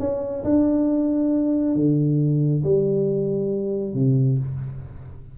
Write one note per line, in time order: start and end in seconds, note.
0.00 0.44 C#4
0.44 1.75 D4
1.75 2.64 D3
2.64 3.94 G3
3.94 4.39 C3